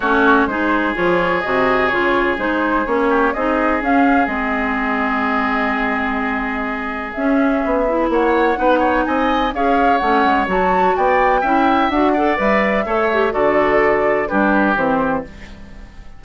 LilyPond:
<<
  \new Staff \with { instrumentName = "flute" } { \time 4/4 \tempo 4 = 126 cis''4 c''4 cis''4 dis''4 | cis''4 c''4 cis''4 dis''4 | f''4 dis''2.~ | dis''2. e''4~ |
e''4 fis''2 gis''4 | f''4 fis''4 a''4 g''4~ | g''4 fis''4 e''2 | d''2 b'4 c''4 | }
  \new Staff \with { instrumentName = "oboe" } { \time 4/4 fis'4 gis'2.~ | gis'2~ gis'8 g'8 gis'4~ | gis'1~ | gis'1~ |
gis'4 cis''4 b'8 cis''8 dis''4 | cis''2. d''4 | e''4. d''4. cis''4 | a'2 g'2 | }
  \new Staff \with { instrumentName = "clarinet" } { \time 4/4 cis'4 dis'4 f'4 fis'4 | f'4 dis'4 cis'4 dis'4 | cis'4 c'2.~ | c'2. cis'4~ |
cis'8 e'4. dis'2 | gis'4 cis'4 fis'2 | e'4 fis'8 a'8 b'4 a'8 g'8 | fis'2 d'4 c'4 | }
  \new Staff \with { instrumentName = "bassoon" } { \time 4/4 a4 gis4 f4 c4 | cis4 gis4 ais4 c'4 | cis'4 gis2.~ | gis2. cis'4 |
b4 ais4 b4 c'4 | cis'4 a8 gis8 fis4 b4 | cis'4 d'4 g4 a4 | d2 g4 e4 | }
>>